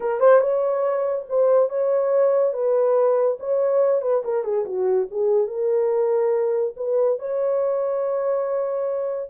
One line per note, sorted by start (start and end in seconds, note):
0.00 0.19 A#4
0.19 0.40 C5
0.40 1.25 C#5
1.28 1.69 C5
1.69 2.53 C#5
2.53 3.37 B4
3.39 4.01 C#5
4.01 4.23 B4
4.24 4.44 A#4
4.44 4.65 G#4
4.65 5.07 F#4
5.10 5.47 G#4
5.47 6.74 A#4
6.76 7.18 B4
7.18 9.30 C#5